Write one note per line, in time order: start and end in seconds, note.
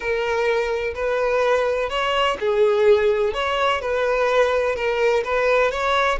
0.00 0.94 A#4
0.94 1.89 B4
1.89 2.37 C#5
2.40 3.33 G#4
3.33 3.81 C#5
3.81 4.75 B4
4.75 5.23 A#4
5.24 5.71 B4
5.71 6.18 C#5